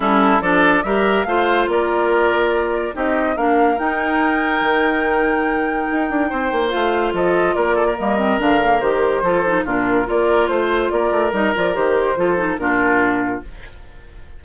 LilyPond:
<<
  \new Staff \with { instrumentName = "flute" } { \time 4/4 \tempo 4 = 143 a'4 d''4 e''4 f''4 | d''2. dis''4 | f''4 g''2.~ | g''1 |
f''4 dis''4 d''4 dis''4 | f''4 c''2 ais'4 | d''4 c''4 d''4 dis''8 d''8 | c''2 ais'2 | }
  \new Staff \with { instrumentName = "oboe" } { \time 4/4 e'4 a'4 ais'4 c''4 | ais'2. g'4 | ais'1~ | ais'2. c''4~ |
c''4 a'4 ais'8 a'16 ais'4~ ais'16~ | ais'2 a'4 f'4 | ais'4 c''4 ais'2~ | ais'4 a'4 f'2 | }
  \new Staff \with { instrumentName = "clarinet" } { \time 4/4 cis'4 d'4 g'4 f'4~ | f'2. dis'4 | d'4 dis'2.~ | dis'1 |
f'2. ais8 c'8 | d'8 ais8 g'4 f'8 dis'8 d'4 | f'2. dis'8 f'8 | g'4 f'8 dis'8 d'2 | }
  \new Staff \with { instrumentName = "bassoon" } { \time 4/4 g4 f4 g4 a4 | ais2. c'4 | ais4 dis'2 dis4~ | dis2 dis'8 d'8 c'8 ais8 |
a4 f4 ais4 g4 | d4 dis4 f4 ais,4 | ais4 a4 ais8 a8 g8 f8 | dis4 f4 ais,2 | }
>>